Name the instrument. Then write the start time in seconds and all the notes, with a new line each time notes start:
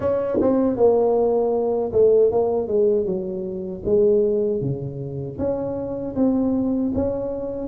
tuba
0.00 C#4
0.40 C4
0.76 A#3
1.92 A3
2.31 A#3
2.67 G#3
3.05 F#3
3.85 G#3
4.60 C#3
5.38 C#4
6.15 C4
6.94 C#4